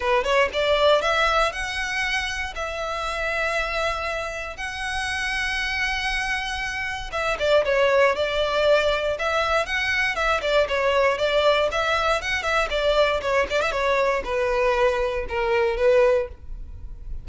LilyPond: \new Staff \with { instrumentName = "violin" } { \time 4/4 \tempo 4 = 118 b'8 cis''8 d''4 e''4 fis''4~ | fis''4 e''2.~ | e''4 fis''2.~ | fis''2 e''8 d''8 cis''4 |
d''2 e''4 fis''4 | e''8 d''8 cis''4 d''4 e''4 | fis''8 e''8 d''4 cis''8 d''16 e''16 cis''4 | b'2 ais'4 b'4 | }